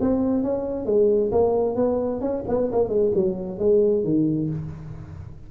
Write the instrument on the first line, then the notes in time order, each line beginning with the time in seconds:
tuba
0.00 C4
0.43 C#4
0.85 G#3
1.31 A#3
1.75 B3
2.21 C#4
2.48 B3
2.71 A#3
2.88 G#3
3.15 F#3
3.59 G#3
4.04 D#3